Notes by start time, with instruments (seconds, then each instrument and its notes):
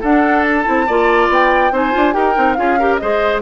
0.00 bassoon D4, clarinet D4, oboe A4, flute F#5
0.43 flute A5
0.64 bassoon C4, clarinet E4
0.87 bassoon A#3, clarinet F4, oboe D5
1.28 bassoon B3, flute G5
1.71 bassoon C4, clarinet D#4, oboe C5, flute G#5
1.91 bassoon D4, clarinet F4
2.13 bassoon D#4, clarinet G4, oboe A#4, flute G5
2.35 bassoon C4, clarinet D#4
2.53 bassoon C#4, clarinet F4, oboe G#4, flute F5
2.79 clarinet G4, oboe A#4
2.96 bassoon G#3, clarinet G#4, oboe C5, flute D#5